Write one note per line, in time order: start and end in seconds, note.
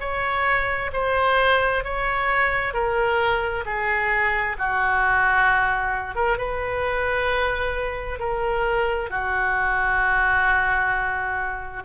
0.00 0.91 C#5
0.93 1.84 C5
1.84 2.74 C#5
2.74 3.64 A#4
3.66 4.57 G#4
4.59 6.16 F#4
6.16 6.38 A#4
6.38 8.19 B4
8.19 9.10 A#4
9.10 11.83 F#4